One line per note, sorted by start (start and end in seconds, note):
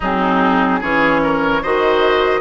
0.00 0.82 F#3
0.00 0.81 C4
0.00 0.80 D#4
0.00 0.83 G#4
0.80 1.63 E3
0.80 1.62 C#4
0.80 1.20 G#4
0.80 1.63 C#5
1.23 1.62 A#4
1.62 2.40 D#3
1.62 2.40 F#4
1.62 2.40 C5
1.62 2.40 D#5